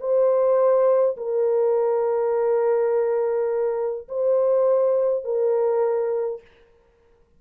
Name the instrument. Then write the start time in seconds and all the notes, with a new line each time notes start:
horn
0.00 C5
1.17 A#4
4.09 C5
5.25 A#4